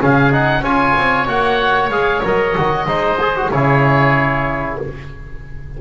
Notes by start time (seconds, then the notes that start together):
0.00 C#3 C#4 G#4 F5
0.32 D#4 F#5
0.61 C#4 F4 C#5 G#5
0.97 C4
1.27 A#3 F#4 F#5
1.89 G#3 G#4 F5
2.24 F#3 A#4 D#5
2.57 D#3 F#4
2.86 G#3 D#4 C5
3.21 G#4
3.37 F#4
3.51 C#3 E4 G#4 C#5